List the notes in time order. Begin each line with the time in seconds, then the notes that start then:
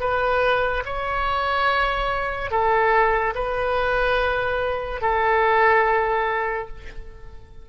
0.00 B4
0.85 C#5
2.50 A4
3.35 B4
5.01 A4